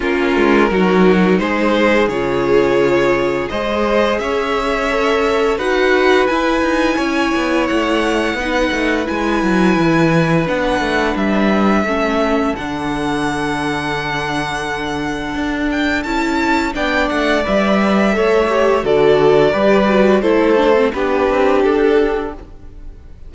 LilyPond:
<<
  \new Staff \with { instrumentName = "violin" } { \time 4/4 \tempo 4 = 86 ais'2 c''4 cis''4~ | cis''4 dis''4 e''2 | fis''4 gis''2 fis''4~ | fis''4 gis''2 fis''4 |
e''2 fis''2~ | fis''2~ fis''8 g''8 a''4 | g''8 fis''8 e''2 d''4~ | d''4 c''4 b'4 a'4 | }
  \new Staff \with { instrumentName = "violin" } { \time 4/4 f'4 fis'4 gis'2~ | gis'4 c''4 cis''2 | b'2 cis''2 | b'1~ |
b'4 a'2.~ | a'1 | d''2 cis''4 a'4 | b'4 a'4 g'2 | }
  \new Staff \with { instrumentName = "viola" } { \time 4/4 cis'4 dis'2 f'4~ | f'4 gis'2 a'4 | fis'4 e'2. | dis'4 e'2 d'4~ |
d'4 cis'4 d'2~ | d'2. e'4 | d'4 b'4 a'8 g'8 fis'4 | g'8 fis'8 e'8 d'16 c'16 d'2 | }
  \new Staff \with { instrumentName = "cello" } { \time 4/4 ais8 gis8 fis4 gis4 cis4~ | cis4 gis4 cis'2 | dis'4 e'8 dis'8 cis'8 b8 a4 | b8 a8 gis8 fis8 e4 b8 a8 |
g4 a4 d2~ | d2 d'4 cis'4 | b8 a8 g4 a4 d4 | g4 a4 b8 c'8 d'4 | }
>>